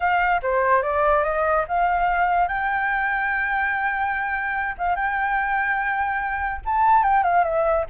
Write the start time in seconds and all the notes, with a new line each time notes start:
0.00 F5
0.42 C5
0.82 D5
1.23 D#5
1.68 F5
2.47 G5
4.78 F5
4.95 G5
6.65 A5
7.03 G5
7.23 F5
7.44 E5